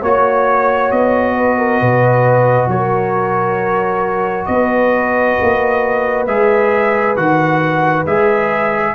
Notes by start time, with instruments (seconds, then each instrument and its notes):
0.00 tuba A#3, trombone F#4, horn C#5, trumpet C#5
0.91 tuba B3, trumpet D#5
1.35 horn B4
1.58 horn A#4
1.80 tuba B2, horn B4
2.68 tuba F#3, horn A#4, trumpet C#5
4.46 tuba B3, horn B4, trumpet D#5
5.42 tuba A#3
6.27 tuba G#3, trombone G#4, trumpet E5
7.17 tuba D#3, trombone F#4, trumpet F#5
8.06 tuba G#3, trombone G#4, trumpet E5